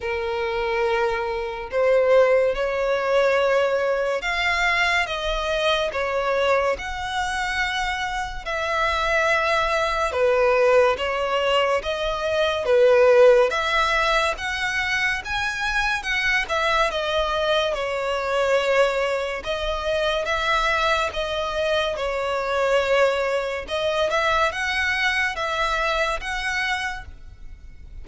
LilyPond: \new Staff \with { instrumentName = "violin" } { \time 4/4 \tempo 4 = 71 ais'2 c''4 cis''4~ | cis''4 f''4 dis''4 cis''4 | fis''2 e''2 | b'4 cis''4 dis''4 b'4 |
e''4 fis''4 gis''4 fis''8 e''8 | dis''4 cis''2 dis''4 | e''4 dis''4 cis''2 | dis''8 e''8 fis''4 e''4 fis''4 | }